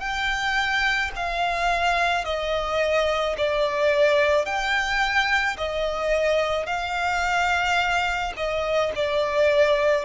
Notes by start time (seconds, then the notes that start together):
0.00 G5
1.16 F5
2.25 D#5
3.37 D5
4.45 G5
5.58 D#5
6.67 F5
8.37 D#5
8.95 D5